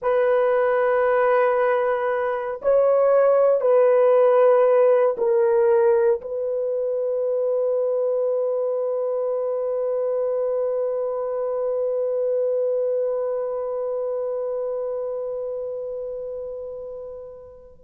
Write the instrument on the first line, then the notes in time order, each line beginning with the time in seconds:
horn
0.02 B4
2.61 C#5
3.60 B4
5.17 A#4
6.21 B4